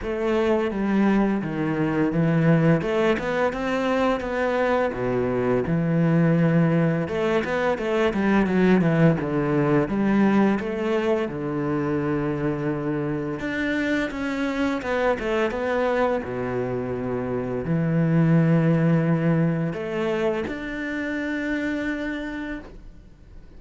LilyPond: \new Staff \with { instrumentName = "cello" } { \time 4/4 \tempo 4 = 85 a4 g4 dis4 e4 | a8 b8 c'4 b4 b,4 | e2 a8 b8 a8 g8 | fis8 e8 d4 g4 a4 |
d2. d'4 | cis'4 b8 a8 b4 b,4~ | b,4 e2. | a4 d'2. | }